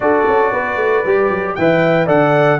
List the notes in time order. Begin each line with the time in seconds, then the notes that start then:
0.00 D4 F#4 A4 D5
0.27 C#4
0.52 B3 B4
0.76 A3
1.05 G3 G4
1.29 F#3
1.55 E3 B4 E5 G5
2.06 D3 A4 D5 F#5